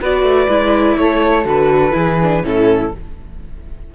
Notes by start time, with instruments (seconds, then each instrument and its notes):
0.00 cello B3, viola F#4, flute B4, violin D5
0.23 cello A3
0.48 cello G#3, viola E4
0.96 cello A3, flute A4, violin C#5
1.44 cello D3, viola F#4, violin B4
1.92 cello E3, viola E4, flute G#4
2.22 viola D4
2.43 cello A2, viola C#4, flute E4, violin A4